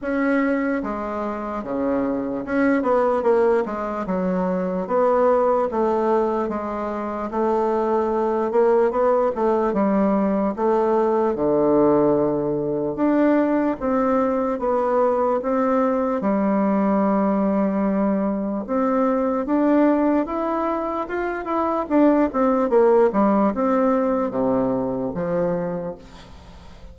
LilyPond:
\new Staff \with { instrumentName = "bassoon" } { \time 4/4 \tempo 4 = 74 cis'4 gis4 cis4 cis'8 b8 | ais8 gis8 fis4 b4 a4 | gis4 a4. ais8 b8 a8 | g4 a4 d2 |
d'4 c'4 b4 c'4 | g2. c'4 | d'4 e'4 f'8 e'8 d'8 c'8 | ais8 g8 c'4 c4 f4 | }